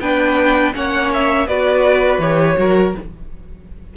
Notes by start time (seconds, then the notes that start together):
0.00 B3 D4 B4 G5
0.74 A#3 C#4 C#5 F#5
1.13 E5
1.47 B3 F#4 B4 D5
2.19 E3 G4 C#5
2.57 F#3 F#4 A#4